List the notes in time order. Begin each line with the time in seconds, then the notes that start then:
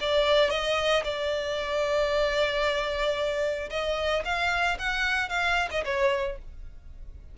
0.00 D5
0.50 D#5
1.04 D5
3.70 D#5
4.24 F5
4.78 F#5
5.29 F5
5.71 D#5
5.85 C#5